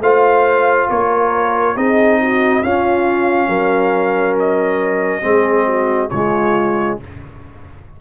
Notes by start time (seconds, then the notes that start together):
0.00 A3 F4 C5 F5
0.89 A#3 A#4 C#5
1.76 C4 D#4 G#4 D#5
2.20 F#4
2.63 C#4 F4 F5
3.47 F#3 A#4
4.39 D#5
5.22 G#3 C4 G#4
5.66 F#4
6.10 C#3 G#3 F4 C#5